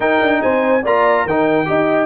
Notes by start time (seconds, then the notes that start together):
0.00 D#4 A#4 G5
0.21 D4
0.42 C4 C5 G#5
0.82 A#3 F4 D5 A#5
1.25 D#3 D#4 A#4 G5
1.65 D#4 G4 D#5